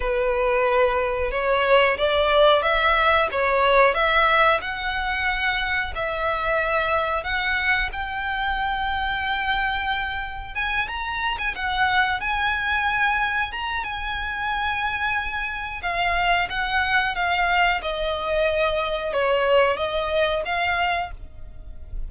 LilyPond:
\new Staff \with { instrumentName = "violin" } { \time 4/4 \tempo 4 = 91 b'2 cis''4 d''4 | e''4 cis''4 e''4 fis''4~ | fis''4 e''2 fis''4 | g''1 |
gis''8 ais''8. gis''16 fis''4 gis''4.~ | gis''8 ais''8 gis''2. | f''4 fis''4 f''4 dis''4~ | dis''4 cis''4 dis''4 f''4 | }